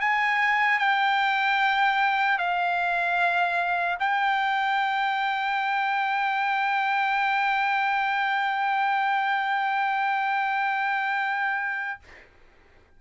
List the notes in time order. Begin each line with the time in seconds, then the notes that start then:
0.00 G#5
0.79 G5
2.38 F5
3.99 G5